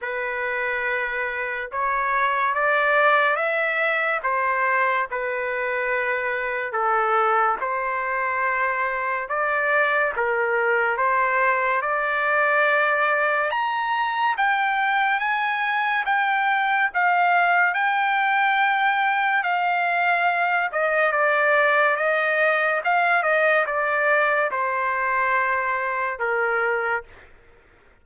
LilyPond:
\new Staff \with { instrumentName = "trumpet" } { \time 4/4 \tempo 4 = 71 b'2 cis''4 d''4 | e''4 c''4 b'2 | a'4 c''2 d''4 | ais'4 c''4 d''2 |
ais''4 g''4 gis''4 g''4 | f''4 g''2 f''4~ | f''8 dis''8 d''4 dis''4 f''8 dis''8 | d''4 c''2 ais'4 | }